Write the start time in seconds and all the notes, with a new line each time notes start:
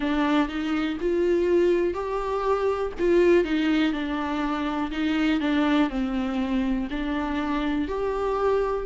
0.00 D4
0.48 D#4
1.00 F4
1.94 G4
2.99 F4
3.44 D#4
3.92 D4
4.91 D#4
5.40 D4
5.89 C4
6.90 D4
7.88 G4